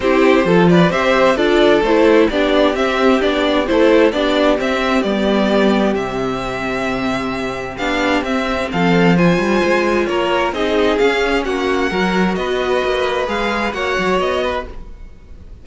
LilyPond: <<
  \new Staff \with { instrumentName = "violin" } { \time 4/4 \tempo 4 = 131 c''4. d''8 e''4 d''4 | c''4 d''4 e''4 d''4 | c''4 d''4 e''4 d''4~ | d''4 e''2.~ |
e''4 f''4 e''4 f''4 | gis''2 cis''4 dis''4 | f''4 fis''2 dis''4~ | dis''4 f''4 fis''4 dis''4 | }
  \new Staff \with { instrumentName = "violin" } { \time 4/4 g'4 a'8 b'8 c''4 a'4~ | a'4 g'2. | a'4 g'2.~ | g'1~ |
g'2. a'4 | c''2 ais'4 gis'4~ | gis'4 fis'4 ais'4 b'4~ | b'2 cis''4. b'8 | }
  \new Staff \with { instrumentName = "viola" } { \time 4/4 e'4 f'4 g'4 f'4 | e'4 d'4 c'4 d'4 | e'4 d'4 c'4 b4~ | b4 c'2.~ |
c'4 d'4 c'2 | f'2. dis'4 | cis'2 fis'2~ | fis'4 gis'4 fis'2 | }
  \new Staff \with { instrumentName = "cello" } { \time 4/4 c'4 f4 c'4 d'4 | a4 b4 c'4 b4 | a4 b4 c'4 g4~ | g4 c2.~ |
c4 b4 c'4 f4~ | f8 g8 gis4 ais4 c'4 | cis'4 ais4 fis4 b4 | ais4 gis4 ais8 fis8 b4 | }
>>